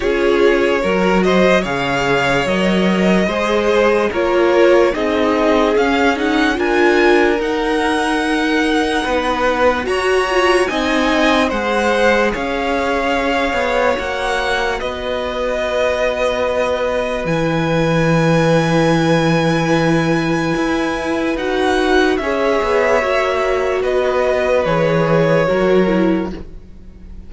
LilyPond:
<<
  \new Staff \with { instrumentName = "violin" } { \time 4/4 \tempo 4 = 73 cis''4. dis''8 f''4 dis''4~ | dis''4 cis''4 dis''4 f''8 fis''8 | gis''4 fis''2. | ais''4 gis''4 fis''4 f''4~ |
f''4 fis''4 dis''2~ | dis''4 gis''2.~ | gis''2 fis''4 e''4~ | e''4 dis''4 cis''2 | }
  \new Staff \with { instrumentName = "violin" } { \time 4/4 gis'4 ais'8 c''8 cis''2 | c''4 ais'4 gis'2 | ais'2. b'4 | cis''4 dis''4 c''4 cis''4~ |
cis''2 b'2~ | b'1~ | b'2. cis''4~ | cis''4 b'2 ais'4 | }
  \new Staff \with { instrumentName = "viola" } { \time 4/4 f'4 fis'4 gis'4 ais'4 | gis'4 f'4 dis'4 cis'8 dis'8 | f'4 dis'2. | fis'8 f'8 dis'4 gis'2~ |
gis'4 fis'2.~ | fis'4 e'2.~ | e'2 fis'4 gis'4 | fis'2 gis'4 fis'8 e'8 | }
  \new Staff \with { instrumentName = "cello" } { \time 4/4 cis'4 fis4 cis4 fis4 | gis4 ais4 c'4 cis'4 | d'4 dis'2 b4 | fis'4 c'4 gis4 cis'4~ |
cis'8 b8 ais4 b2~ | b4 e2.~ | e4 e'4 dis'4 cis'8 b8 | ais4 b4 e4 fis4 | }
>>